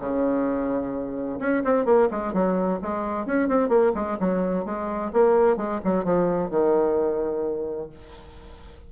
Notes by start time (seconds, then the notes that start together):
0.00 C#3
1.40 C#4
1.64 C4
1.85 A#3
2.11 G#3
2.33 F#3
2.82 G#3
3.26 C#4
3.48 C4
3.69 A#3
3.95 G#3
4.20 F#3
4.65 G#3
5.13 A#3
5.57 G#3
5.85 F#3
6.04 F3
6.50 D#3